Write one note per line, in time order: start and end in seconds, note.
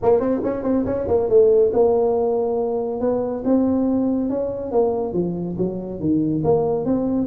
0.02 0.19 A#3
0.19 0.41 C4
0.43 0.63 C#4
0.63 0.84 C4
0.85 1.07 C#4
1.07 1.29 A#3
1.29 1.72 A3
1.73 3.00 A#3
3.00 3.43 B3
3.44 4.29 C4
4.29 4.71 C#4
4.71 5.13 A#3
5.13 5.56 F3
5.57 6.00 F#3
6.00 6.42 D#3
6.44 6.85 A#3
6.85 7.27 C4